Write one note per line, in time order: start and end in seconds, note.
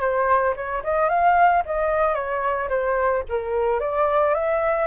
0.00 0.54 C5
0.56 0.83 C#5
0.83 1.09 D#5
1.09 1.63 F5
1.65 2.14 D#5
2.14 2.68 C#5
2.69 3.23 C5
3.29 3.80 A#4
3.80 4.34 D5
4.34 4.86 E5